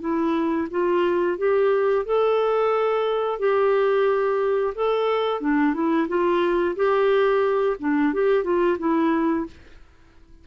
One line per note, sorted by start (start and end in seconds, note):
0.00 0.67 E4
0.70 1.38 F4
1.38 2.05 G4
2.05 3.39 A4
3.39 4.74 G4
4.75 5.41 A4
5.41 5.74 D4
5.74 6.07 E4
6.08 6.75 F4
6.75 7.77 G4
7.80 8.13 D4
8.13 8.44 G4
8.44 8.77 F4
8.79 9.46 E4